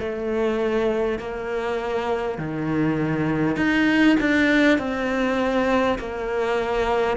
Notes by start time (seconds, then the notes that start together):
0.00 A3
1.19 A#3
2.38 D#3
3.57 D#4
4.21 D4
4.79 C4
5.99 A#3